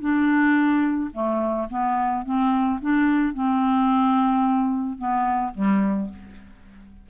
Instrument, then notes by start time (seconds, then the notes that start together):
clarinet
0.00 D4
1.13 A3
1.70 B3
2.24 C4
2.81 D4
3.33 C4
4.98 B3
5.54 G3